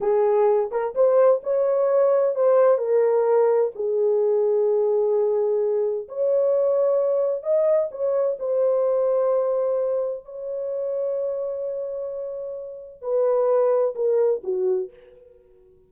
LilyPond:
\new Staff \with { instrumentName = "horn" } { \time 4/4 \tempo 4 = 129 gis'4. ais'8 c''4 cis''4~ | cis''4 c''4 ais'2 | gis'1~ | gis'4 cis''2. |
dis''4 cis''4 c''2~ | c''2 cis''2~ | cis''1 | b'2 ais'4 fis'4 | }